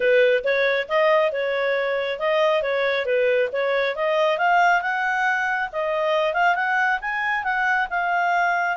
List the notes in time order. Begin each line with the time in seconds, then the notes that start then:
0.00 B4
0.43 C#5
0.88 D#5
1.32 C#5
2.19 D#5
2.62 C#5
3.05 B4
3.52 C#5
3.95 D#5
4.38 F5
4.81 F#5
5.72 D#5
6.33 F5
6.55 F#5
7.01 G#5
7.43 F#5
7.90 F5